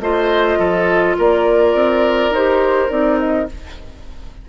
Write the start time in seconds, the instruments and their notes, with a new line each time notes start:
0.00 bassoon A3, clarinet F4, oboe C5, flute D#5
0.59 bassoon F3, oboe A4
1.18 bassoon A#3, oboe A#4, flute D5
1.74 bassoon C4
2.31 bassoon D#4, clarinet G4, flute C5
2.89 bassoon C4, clarinet D#4, flute D5
3.19 flute D#5